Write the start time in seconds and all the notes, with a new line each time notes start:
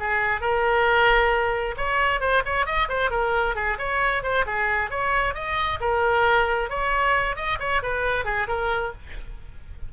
0.00 G#4
0.41 A#4
1.77 C#5
2.21 C5
2.45 C#5
2.66 D#5
2.89 C5
3.11 A#4
3.56 G#4
3.79 C#5
4.23 C5
4.46 G#4
4.91 C#5
5.35 D#5
5.81 A#4
6.70 C#5
7.36 D#5
7.60 C#5
7.83 B4
8.25 G#4
8.48 A#4